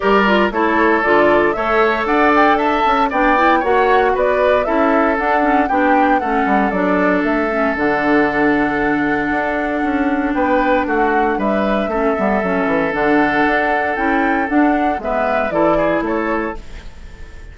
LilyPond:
<<
  \new Staff \with { instrumentName = "flute" } { \time 4/4 \tempo 4 = 116 d''4 cis''4 d''4 e''4 | fis''8 g''8 a''4 g''4 fis''4 | d''4 e''4 fis''4 g''4 | fis''4 d''4 e''4 fis''4~ |
fis''1 | g''4 fis''4 e''2~ | e''4 fis''2 g''4 | fis''4 e''4 d''4 cis''4 | }
  \new Staff \with { instrumentName = "oboe" } { \time 4/4 ais'4 a'2 cis''4 | d''4 e''4 d''4 cis''4 | b'4 a'2 g'4 | a'1~ |
a'1 | b'4 fis'4 b'4 a'4~ | a'1~ | a'4 b'4 a'8 gis'8 a'4 | }
  \new Staff \with { instrumentName = "clarinet" } { \time 4/4 g'8 f'8 e'4 f'4 a'4~ | a'2 d'8 e'8 fis'4~ | fis'4 e'4 d'8 cis'8 d'4 | cis'4 d'4. cis'8 d'4~ |
d'1~ | d'2. cis'8 b8 | cis'4 d'2 e'4 | d'4 b4 e'2 | }
  \new Staff \with { instrumentName = "bassoon" } { \time 4/4 g4 a4 d4 a4 | d'4. cis'8 b4 ais4 | b4 cis'4 d'4 b4 | a8 g8 fis4 a4 d4~ |
d2 d'4 cis'4 | b4 a4 g4 a8 g8 | fis8 e8 d4 d'4 cis'4 | d'4 gis4 e4 a4 | }
>>